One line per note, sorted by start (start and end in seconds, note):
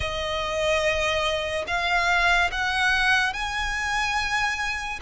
0.00 1.65 D#5
1.67 2.50 F5
2.51 3.33 F#5
3.33 4.99 G#5